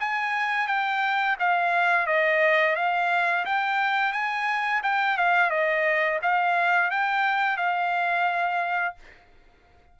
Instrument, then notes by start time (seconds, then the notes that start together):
trumpet
0.00 G#5
0.68 G5
1.40 F5
2.07 D#5
2.76 F5
3.46 G5
4.13 G#5
4.83 G5
5.18 F5
5.50 D#5
6.22 F5
6.91 G5
7.57 F5